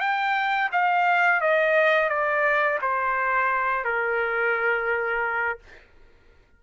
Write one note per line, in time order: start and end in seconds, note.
0.00 0.70 G5
0.72 1.41 F5
1.41 2.09 D#5
2.09 2.79 D5
2.82 3.85 C5
3.85 5.59 A#4